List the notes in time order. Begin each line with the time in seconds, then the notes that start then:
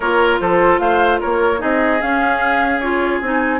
0.00 A#3 F4 A#4 C#5
0.40 F3 A4 C5
0.78 A3 C5 F5
1.20 A#3 A#4 C#5
1.58 C4 D#4 G#4 D#5
2.01 C#4 F5
2.80 F4 C#5
3.21 C4 D#4 G#5